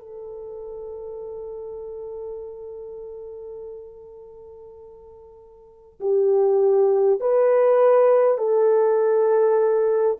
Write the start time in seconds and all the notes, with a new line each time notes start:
0.00 A4
6.00 G4
7.20 B4
8.38 A4